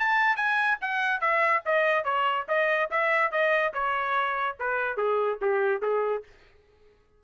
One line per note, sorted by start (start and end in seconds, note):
0.00 0.37 A5
0.37 0.78 G#5
0.81 1.21 F#5
1.21 1.63 E5
1.66 2.05 D#5
2.05 2.46 C#5
2.48 2.90 D#5
2.91 3.32 E5
3.32 3.73 D#5
3.74 4.57 C#5
4.60 4.97 B4
4.97 5.39 G#4
5.42 5.82 G4
5.82 6.24 G#4